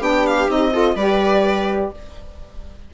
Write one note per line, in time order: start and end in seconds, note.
0.00 0.48 B3
0.00 0.48 D4
0.00 0.71 G4
0.00 0.26 G5
0.26 0.50 F5
0.48 0.95 C4
0.48 0.72 D#4
0.48 0.96 D#5
0.72 0.96 F4
0.72 0.96 A4
0.95 1.90 G3
0.95 1.94 G4
0.95 1.91 B4
0.95 1.91 D5